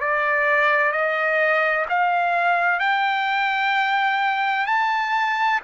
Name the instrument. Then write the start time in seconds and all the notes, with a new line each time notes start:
trumpet
0.00 D5
0.92 D#5
1.89 F5
2.80 G5
4.66 A5